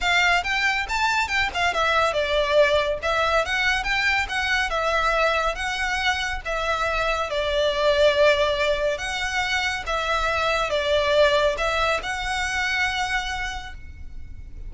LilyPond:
\new Staff \with { instrumentName = "violin" } { \time 4/4 \tempo 4 = 140 f''4 g''4 a''4 g''8 f''8 | e''4 d''2 e''4 | fis''4 g''4 fis''4 e''4~ | e''4 fis''2 e''4~ |
e''4 d''2.~ | d''4 fis''2 e''4~ | e''4 d''2 e''4 | fis''1 | }